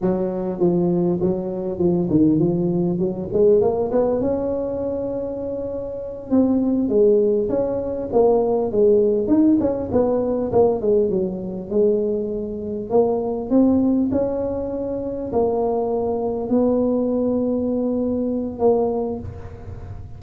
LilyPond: \new Staff \with { instrumentName = "tuba" } { \time 4/4 \tempo 4 = 100 fis4 f4 fis4 f8 dis8 | f4 fis8 gis8 ais8 b8 cis'4~ | cis'2~ cis'8 c'4 gis8~ | gis8 cis'4 ais4 gis4 dis'8 |
cis'8 b4 ais8 gis8 fis4 gis8~ | gis4. ais4 c'4 cis'8~ | cis'4. ais2 b8~ | b2. ais4 | }